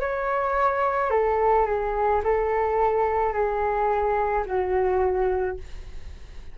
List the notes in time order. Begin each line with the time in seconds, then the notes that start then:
0.00 C#5
1.11 A4
1.66 G#4
2.24 A4
3.33 G#4
4.46 F#4